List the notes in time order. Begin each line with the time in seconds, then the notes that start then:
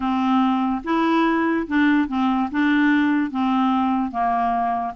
0.00 C4
0.84 E4
1.67 D4
2.08 C4
2.51 D4
3.30 C4
4.11 A#3